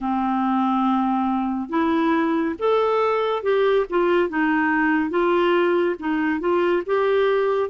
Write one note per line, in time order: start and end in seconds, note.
0.00 1.69 C4
1.69 2.55 E4
2.58 3.42 A4
3.42 3.85 G4
3.89 4.29 F4
4.29 5.10 D#4
5.10 5.95 F4
5.99 6.40 D#4
6.40 6.83 F4
6.86 7.69 G4